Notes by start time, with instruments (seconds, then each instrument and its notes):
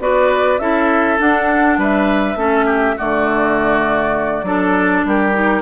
0.00 bassoon B3, clarinet F#4, oboe B4, flute D5
0.59 bassoon C#4, clarinet E4, oboe A4, flute E5
1.19 clarinet D4, bassoon D4, flute F#5
1.78 bassoon G3, oboe B4, flute E5
2.35 bassoon A3, clarinet C#4, oboe A4
2.66 oboe G4
2.98 bassoon D3, clarinet A3, oboe F#4, flute D5
4.43 bassoon F#3, clarinet D4, oboe A4
5.06 bassoon G3, oboe G4, flute A#4
5.33 clarinet D#4